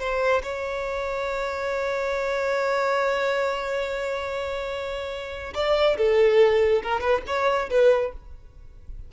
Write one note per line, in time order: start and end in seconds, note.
0.00 0.43 C5
0.43 5.54 C#5
5.55 5.97 D5
5.97 6.83 A4
6.83 7.01 A#4
7.01 7.22 B4
7.27 7.70 C#5
7.70 8.13 B4